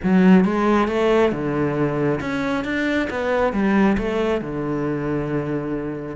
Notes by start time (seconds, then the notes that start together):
0.03 F#3
0.44 G#3
0.88 A3
1.32 D3
2.20 C#4
2.64 D4
3.10 B3
3.52 G3
3.97 A3
4.41 D3